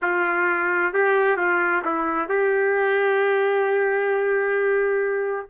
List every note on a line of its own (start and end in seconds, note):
0.02 0.93 F4
0.93 1.36 G4
1.36 1.82 F4
1.84 2.29 E4
2.29 5.49 G4